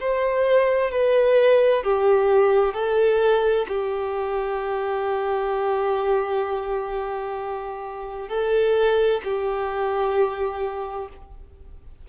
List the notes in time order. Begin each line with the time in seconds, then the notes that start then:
0.00 C5
0.91 B4
1.83 G4
2.74 A4
3.68 G4
8.29 A4
9.24 G4